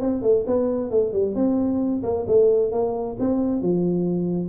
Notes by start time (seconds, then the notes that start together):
0.00 C4
0.22 A3
0.47 B3
0.90 A3
1.13 G3
1.35 C4
2.03 A#3
2.27 A3
2.72 A#3
3.19 C4
3.62 F3